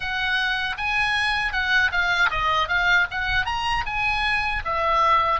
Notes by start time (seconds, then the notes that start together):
0.00 F#5
0.77 G#5
1.52 F#5
1.91 F5
2.30 D#5
2.68 F5
3.10 F#5
3.45 A#5
3.85 G#5
4.64 E5